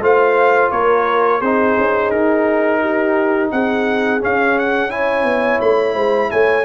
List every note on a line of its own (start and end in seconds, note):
0.00 0.70 A3
0.00 1.41 F4
0.00 0.70 C5
0.00 0.71 F5
0.70 1.41 A#3
0.70 1.40 A#4
0.70 1.41 C#5
1.40 1.76 C4
1.40 4.20 D#4
1.40 2.80 G#4
1.40 2.10 C5
1.77 2.11 C#4
2.10 3.50 D#4
2.10 3.50 A#4
2.81 3.50 G4
3.51 4.22 C4
3.51 4.92 G#4
3.51 4.21 F#5
4.20 4.89 C#4
4.20 5.24 C#4
4.20 4.58 F5
4.58 4.90 F#5
4.89 6.64 E4
4.89 5.94 C#5
4.89 5.60 G#5
5.24 5.59 B3
5.61 5.94 A3
5.61 6.31 B5
5.94 6.29 G#3
5.94 6.29 C5
6.31 6.65 A3
6.31 6.65 C#5
6.31 6.65 G#5